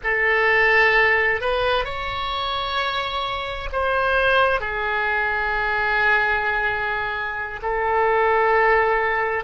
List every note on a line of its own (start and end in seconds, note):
0.03 1.41 A4
1.41 1.84 B4
1.84 3.69 C#5
3.72 4.60 C5
4.60 7.60 G#4
7.62 9.44 A4